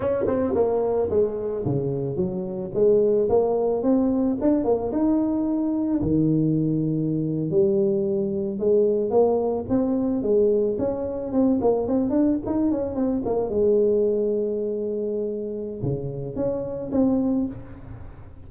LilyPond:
\new Staff \with { instrumentName = "tuba" } { \time 4/4 \tempo 4 = 110 cis'8 c'8 ais4 gis4 cis4 | fis4 gis4 ais4 c'4 | d'8 ais8 dis'2 dis4~ | dis4.~ dis16 g2 gis16~ |
gis8. ais4 c'4 gis4 cis'16~ | cis'8. c'8 ais8 c'8 d'8 dis'8 cis'8 c'16~ | c'16 ais8 gis2.~ gis16~ | gis4 cis4 cis'4 c'4 | }